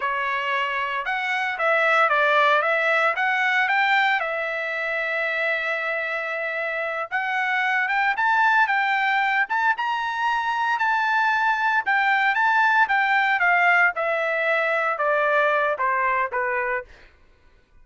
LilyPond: \new Staff \with { instrumentName = "trumpet" } { \time 4/4 \tempo 4 = 114 cis''2 fis''4 e''4 | d''4 e''4 fis''4 g''4 | e''1~ | e''4. fis''4. g''8 a''8~ |
a''8 g''4. a''8 ais''4.~ | ais''8 a''2 g''4 a''8~ | a''8 g''4 f''4 e''4.~ | e''8 d''4. c''4 b'4 | }